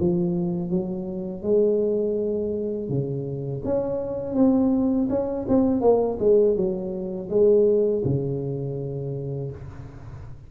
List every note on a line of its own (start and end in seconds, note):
0.00 0.71 F3
0.71 1.43 F#3
1.43 2.89 G#3
2.89 3.63 C#3
3.65 4.35 C#4
4.35 5.09 C4
5.10 5.46 C#4
5.48 5.81 C4
5.81 6.18 A#3
6.20 6.57 G#3
6.57 7.30 F#3
7.30 8.03 G#3
8.05 9.51 C#3